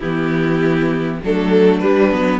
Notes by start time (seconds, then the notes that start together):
0.00 E3 B3 E4 G4
1.24 F#3 A3 D4 A4
1.80 G3 B4
2.12 F#3 B3